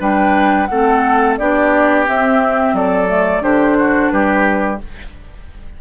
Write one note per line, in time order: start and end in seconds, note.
0.00 0.68 G3
0.00 0.68 D4
0.00 0.68 B4
0.00 0.66 G5
0.66 1.39 A3
0.66 1.40 C4
0.66 1.39 A4
0.66 1.35 F#5
1.37 2.08 B3
1.37 2.06 D4
1.37 2.75 G4
1.37 2.06 D5
2.06 3.07 C4
2.06 2.73 C4
2.06 2.76 E5
2.73 3.41 F#3
2.73 3.43 A4
2.73 3.43 D5
3.07 3.41 A3
3.42 4.10 D3
3.42 4.78 D4
3.42 3.77 G4
3.42 4.10 C5
3.79 4.13 F#4
4.10 4.80 G3
4.10 4.81 G4
4.10 4.79 B4